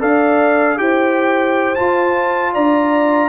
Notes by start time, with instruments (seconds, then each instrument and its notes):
0.00 tuba D4, trombone A4, horn D5, trumpet F5
0.78 tuba E4, trombone G4, horn C5, trumpet G5
1.75 trombone F4, tuba F4, trumpet A5
2.54 tuba D4, horn D5, trumpet A#5